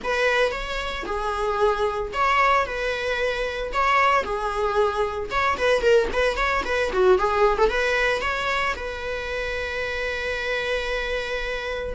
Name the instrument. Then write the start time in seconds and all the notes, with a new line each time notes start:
viola
0.03 B4
0.51 C#5
1.05 G#4
2.13 C#5
2.65 B4
3.72 C#5
4.23 G#4
5.30 C#5
5.57 B4
5.81 A#4
6.12 B4
6.36 C#5
6.65 B4
6.92 F#4
7.18 G#4
7.57 A4
7.69 B4
8.21 C#5
8.76 B4